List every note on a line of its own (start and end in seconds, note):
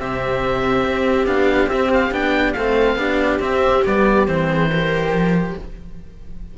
0.00 0.84 C3
0.00 1.26 C4
0.00 2.57 G4
0.00 1.27 E5
0.84 1.27 C4
1.26 1.67 B3
1.26 1.69 D4
1.26 1.70 F5
1.67 2.10 C4
1.67 1.91 E5
1.74 2.12 C4
1.94 2.14 F5
2.11 2.54 B3
2.11 2.55 D4
2.11 2.53 G5
2.53 2.96 A3
2.53 2.98 C4
2.53 2.99 A4
2.53 3.39 F5
2.96 3.39 B3
2.96 3.40 D4
2.96 4.48 G4
3.40 3.83 C4
3.40 3.86 C4
3.40 3.85 E5
3.86 4.28 G3
3.86 4.28 B3
3.86 4.28 D5
4.28 5.11 E3
4.28 4.71 C4
4.28 5.56 C5
4.48 4.70 G#4
4.71 5.58 G4
4.71 5.57 A#4
5.11 5.54 F3